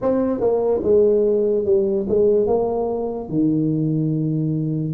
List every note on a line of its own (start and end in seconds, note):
0.01 0.40 C4
0.40 0.81 A#3
0.83 1.65 G#3
1.65 2.06 G3
2.08 2.47 G#3
2.47 3.29 A#3
3.29 4.93 D#3